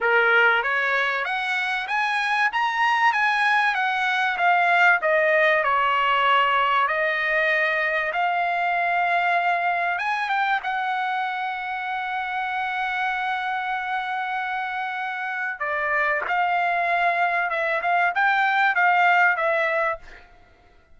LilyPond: \new Staff \with { instrumentName = "trumpet" } { \time 4/4 \tempo 4 = 96 ais'4 cis''4 fis''4 gis''4 | ais''4 gis''4 fis''4 f''4 | dis''4 cis''2 dis''4~ | dis''4 f''2. |
gis''8 g''8 fis''2.~ | fis''1~ | fis''4 d''4 f''2 | e''8 f''8 g''4 f''4 e''4 | }